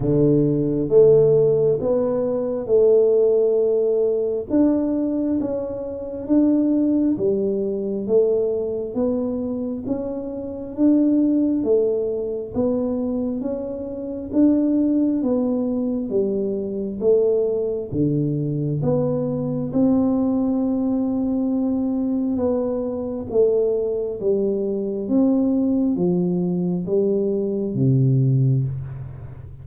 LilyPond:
\new Staff \with { instrumentName = "tuba" } { \time 4/4 \tempo 4 = 67 d4 a4 b4 a4~ | a4 d'4 cis'4 d'4 | g4 a4 b4 cis'4 | d'4 a4 b4 cis'4 |
d'4 b4 g4 a4 | d4 b4 c'2~ | c'4 b4 a4 g4 | c'4 f4 g4 c4 | }